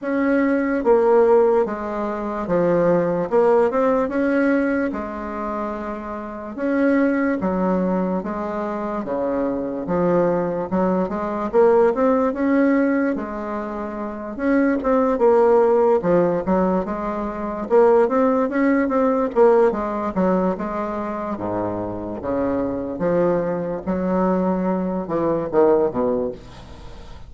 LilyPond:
\new Staff \with { instrumentName = "bassoon" } { \time 4/4 \tempo 4 = 73 cis'4 ais4 gis4 f4 | ais8 c'8 cis'4 gis2 | cis'4 fis4 gis4 cis4 | f4 fis8 gis8 ais8 c'8 cis'4 |
gis4. cis'8 c'8 ais4 f8 | fis8 gis4 ais8 c'8 cis'8 c'8 ais8 | gis8 fis8 gis4 gis,4 cis4 | f4 fis4. e8 dis8 b,8 | }